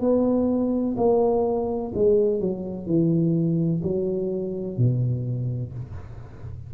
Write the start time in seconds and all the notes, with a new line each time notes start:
0.00 B3
0.97 A#3
1.94 G#3
2.40 F#3
2.86 E3
3.83 F#3
4.77 B2